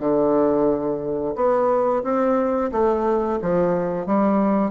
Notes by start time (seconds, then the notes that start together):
0.00 D3
1.35 B3
2.04 C4
2.72 A3
3.42 F3
4.07 G3